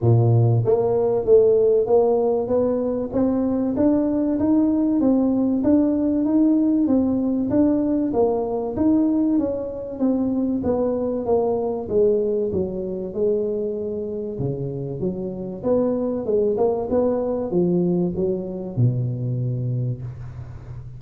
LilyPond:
\new Staff \with { instrumentName = "tuba" } { \time 4/4 \tempo 4 = 96 ais,4 ais4 a4 ais4 | b4 c'4 d'4 dis'4 | c'4 d'4 dis'4 c'4 | d'4 ais4 dis'4 cis'4 |
c'4 b4 ais4 gis4 | fis4 gis2 cis4 | fis4 b4 gis8 ais8 b4 | f4 fis4 b,2 | }